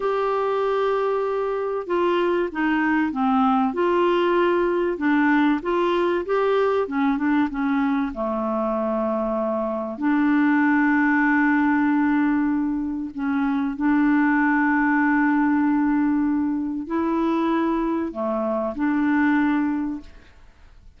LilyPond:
\new Staff \with { instrumentName = "clarinet" } { \time 4/4 \tempo 4 = 96 g'2. f'4 | dis'4 c'4 f'2 | d'4 f'4 g'4 cis'8 d'8 | cis'4 a2. |
d'1~ | d'4 cis'4 d'2~ | d'2. e'4~ | e'4 a4 d'2 | }